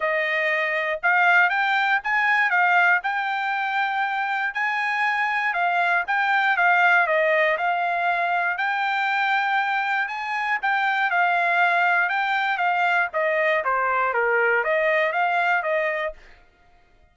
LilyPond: \new Staff \with { instrumentName = "trumpet" } { \time 4/4 \tempo 4 = 119 dis''2 f''4 g''4 | gis''4 f''4 g''2~ | g''4 gis''2 f''4 | g''4 f''4 dis''4 f''4~ |
f''4 g''2. | gis''4 g''4 f''2 | g''4 f''4 dis''4 c''4 | ais'4 dis''4 f''4 dis''4 | }